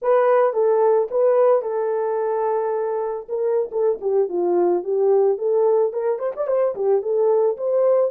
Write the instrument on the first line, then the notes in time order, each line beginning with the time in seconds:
horn
0.02 B4
0.53 A4
1.10 B4
1.62 A4
3.28 A#4
3.71 A4
4.01 G4
4.28 F4
4.83 G4
5.38 A4
5.92 A#4
6.18 C5
6.36 D5
6.47 C5
6.75 G4
7.02 A4
7.57 C5